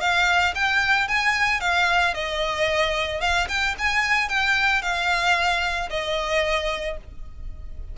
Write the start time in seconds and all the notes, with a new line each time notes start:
0.00 F5
0.55 G5
1.08 G#5
1.60 F5
2.14 D#5
3.20 F5
3.48 G5
3.78 G#5
4.29 G5
4.82 F5
5.90 D#5